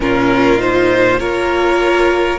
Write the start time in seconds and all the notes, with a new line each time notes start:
0.00 A#2 C#4 F4 A#4
0.57 D#4 C5
1.18 A#3 F4 A#4 C#5